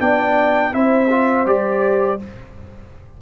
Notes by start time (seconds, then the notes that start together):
0.00 B3 D4 D5 G5
0.72 C4 E4 C5 E5
1.10 F4
1.46 G3 G4 D5